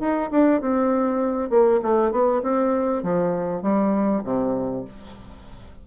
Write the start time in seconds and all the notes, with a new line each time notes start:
0.00 D#4
0.31 D4
0.61 C4
1.50 A#3
1.83 A3
2.12 B3
2.43 C4
3.03 F3
3.63 G3
4.24 C3